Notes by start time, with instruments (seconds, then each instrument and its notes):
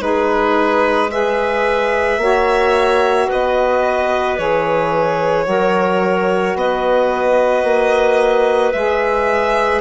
0.00 bassoon G#3, saxophone D#4, clarinet G#4, violin B4
1.11 saxophone G#4, clarinet B4, violin E5
2.18 bassoon A#3, saxophone F#4, clarinet C#5
3.27 bassoon B3, clarinet B4, violin D#5
4.38 bassoon E3, saxophone G#4, violin C#5
5.45 bassoon F#3, saxophone F#4, clarinet A#4
6.55 bassoon B3, clarinet B4, violin D#5
7.64 bassoon A#3
8.73 bassoon G#3, saxophone G#4, violin E5